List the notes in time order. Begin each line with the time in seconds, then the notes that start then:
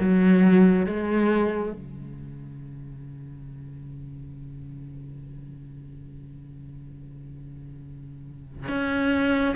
0.00 F#3
0.86 G#3
1.73 C#3
8.68 C#4